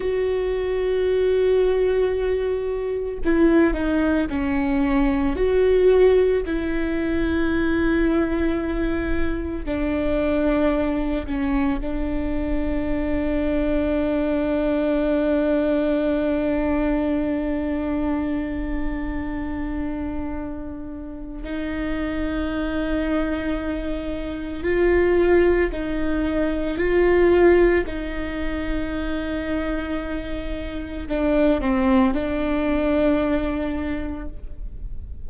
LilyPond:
\new Staff \with { instrumentName = "viola" } { \time 4/4 \tempo 4 = 56 fis'2. e'8 dis'8 | cis'4 fis'4 e'2~ | e'4 d'4. cis'8 d'4~ | d'1~ |
d'1 | dis'2. f'4 | dis'4 f'4 dis'2~ | dis'4 d'8 c'8 d'2 | }